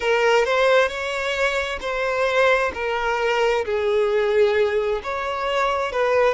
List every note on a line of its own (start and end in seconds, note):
0.00 0.45 A#4
0.45 0.88 C5
0.88 1.79 C#5
1.81 2.71 C5
2.74 3.64 A#4
3.65 5.01 G#4
5.02 5.91 C#5
5.91 6.34 B4